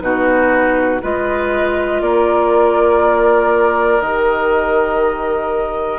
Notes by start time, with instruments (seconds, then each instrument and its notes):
0.00 bassoon B2, clarinet D#4, oboe F#4, flute B4
1.01 bassoon G#3, clarinet F4, oboe B4, flute D#5
2.01 bassoon A#3, oboe A#4, flute D5
4.00 bassoon D#3, clarinet G4, flute D#5